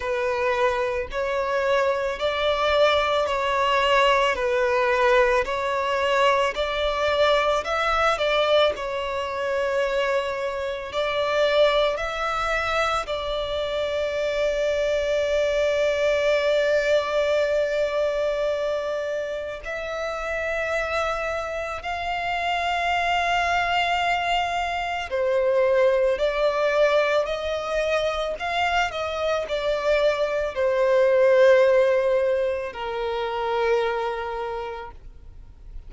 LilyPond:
\new Staff \with { instrumentName = "violin" } { \time 4/4 \tempo 4 = 55 b'4 cis''4 d''4 cis''4 | b'4 cis''4 d''4 e''8 d''8 | cis''2 d''4 e''4 | d''1~ |
d''2 e''2 | f''2. c''4 | d''4 dis''4 f''8 dis''8 d''4 | c''2 ais'2 | }